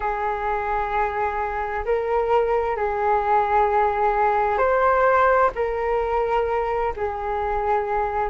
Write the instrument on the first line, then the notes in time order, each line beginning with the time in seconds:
flute
0.00 G#4
1.85 A#4
2.76 G#4
4.57 C5
5.55 A#4
6.96 G#4